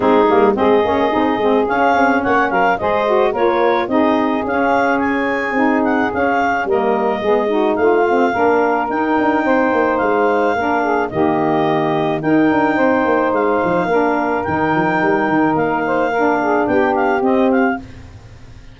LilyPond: <<
  \new Staff \with { instrumentName = "clarinet" } { \time 4/4 \tempo 4 = 108 gis'4 dis''2 f''4 | fis''8 f''8 dis''4 cis''4 dis''4 | f''4 gis''4. fis''8 f''4 | dis''2 f''2 |
g''2 f''2 | dis''2 g''2 | f''2 g''2 | f''2 g''8 f''8 dis''8 f''8 | }
  \new Staff \with { instrumentName = "saxophone" } { \time 4/4 dis'4 gis'2. | cis''8 ais'8 c''4 ais'4 gis'4~ | gis'1 | ais'4 gis'8 fis'8 f'4 ais'4~ |
ais'4 c''2 ais'8 gis'8 | g'2 ais'4 c''4~ | c''4 ais'2.~ | ais'8 c''8 ais'8 gis'8 g'2 | }
  \new Staff \with { instrumentName = "saxophone" } { \time 4/4 c'8 ais8 c'8 cis'8 dis'8 c'8 cis'4~ | cis'4 gis'8 fis'8 f'4 dis'4 | cis'2 dis'4 cis'4 | ais4 b8 dis'4 c'8 d'4 |
dis'2. d'4 | ais2 dis'2~ | dis'4 d'4 dis'2~ | dis'4 d'2 c'4 | }
  \new Staff \with { instrumentName = "tuba" } { \time 4/4 gis8 g8 gis8 ais8 c'8 gis8 cis'8 c'8 | ais8 fis8 gis4 ais4 c'4 | cis'2 c'4 cis'4 | g4 gis4 a4 ais4 |
dis'8 d'8 c'8 ais8 gis4 ais4 | dis2 dis'8 d'8 c'8 ais8 | gis8 f8 ais4 dis8 f8 g8 dis8 | ais2 b4 c'4 | }
>>